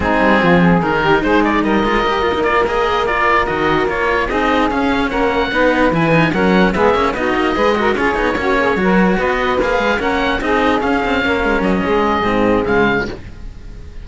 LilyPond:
<<
  \new Staff \with { instrumentName = "oboe" } { \time 4/4 \tempo 4 = 147 gis'2 ais'4 c''8 d''8 | dis''2 d''8 dis''4 d''8~ | d''8 dis''4 cis''4 dis''4 f''8~ | f''8 fis''2 gis''4 fis''8~ |
fis''8 e''4 dis''2 cis''8~ | cis''2~ cis''8 dis''4 f''8~ | f''8 fis''4 dis''4 f''4.~ | f''8 dis''2~ dis''8 f''4 | }
  \new Staff \with { instrumentName = "saxophone" } { \time 4/4 dis'4 f'8 gis'4 g'8 gis'4 | ais'1~ | ais'2~ ais'8 gis'4.~ | gis'8 ais'4 b'2 ais'8~ |
ais'8 gis'4 fis'4 b'8 ais'8 gis'8~ | gis'8 fis'8 gis'8 ais'4 b'4.~ | b'8 ais'4 gis'2 ais'8~ | ais'4 gis'2. | }
  \new Staff \with { instrumentName = "cello" } { \time 4/4 c'2 dis'2~ | dis'8 f'8 g'8 f'16 dis'16 f'8 gis'4 f'8~ | f'8 fis'4 f'4 dis'4 cis'8~ | cis'4. dis'4 e'8 dis'8 cis'8~ |
cis'8 b8 cis'8 dis'4 gis'8 fis'8 f'8 | dis'8 cis'4 fis'2 gis'8~ | gis'8 cis'4 dis'4 cis'4.~ | cis'2 c'4 gis4 | }
  \new Staff \with { instrumentName = "cello" } { \time 4/4 gis8 g8 f4 dis4 gis4 | g8 gis8 ais2.~ | ais8 dis4 ais4 c'4 cis'8~ | cis'8 ais4 b4 e4 fis8~ |
fis8 gis8 ais8 b8 ais8 gis4 cis'8 | b8 ais4 fis4 b4 ais8 | gis8 ais4 c'4 cis'8 c'8 ais8 | gis8 fis8 gis4 gis,4 cis4 | }
>>